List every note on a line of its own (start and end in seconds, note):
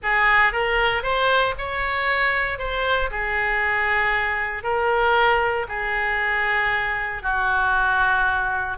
0.02 0.52 G#4
0.52 1.02 A#4
1.02 1.54 C5
1.58 2.58 C#5
2.58 3.10 C5
3.11 4.63 G#4
4.63 5.66 A#4
5.68 7.22 G#4
7.22 8.77 F#4